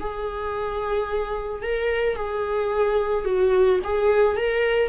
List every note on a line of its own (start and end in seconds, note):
0.00 1.63 G#4
1.63 2.16 A#4
2.16 3.25 G#4
3.25 3.80 F#4
3.84 4.37 G#4
4.37 4.89 A#4